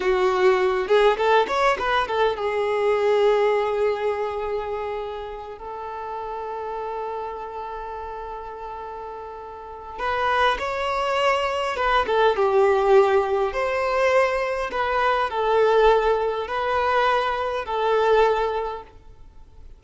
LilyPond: \new Staff \with { instrumentName = "violin" } { \time 4/4 \tempo 4 = 102 fis'4. gis'8 a'8 cis''8 b'8 a'8 | gis'1~ | gis'4. a'2~ a'8~ | a'1~ |
a'4 b'4 cis''2 | b'8 a'8 g'2 c''4~ | c''4 b'4 a'2 | b'2 a'2 | }